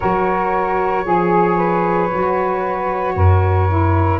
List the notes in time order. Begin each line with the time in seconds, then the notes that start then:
0.00 F#3 F#4 A#4 C#5
1.04 F3 G#4
1.56 B4
2.11 F#3 F#4
3.15 F#2 A#4
3.68 E4